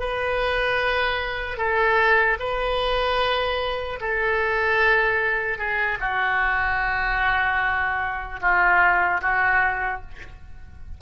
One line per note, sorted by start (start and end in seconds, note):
0.00 1.57 B4
1.57 2.37 A4
2.40 4.00 B4
4.01 5.58 A4
5.58 5.98 G#4
6.00 8.40 F#4
8.41 9.21 F4
9.21 10.01 F#4